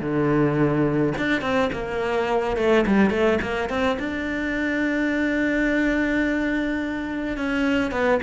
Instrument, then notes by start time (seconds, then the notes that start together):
cello
0.00 D3
1.18 D4
1.41 C4
1.72 A#3
2.57 A3
2.86 G3
3.10 A3
3.41 A#3
3.69 C4
3.99 D4
7.37 C#4
7.91 B3